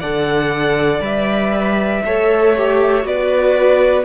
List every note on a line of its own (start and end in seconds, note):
0.00 1.00 D3
0.00 1.02 A4
0.00 2.03 D5
0.00 1.02 F#5
1.00 2.02 G3
1.00 2.04 B4
1.00 3.07 E5
2.06 3.04 A3
2.06 2.56 A4
2.06 3.07 C#5
2.57 3.02 G4
3.02 4.05 B3
3.02 4.04 F#4
3.02 4.05 B4
3.02 4.05 D5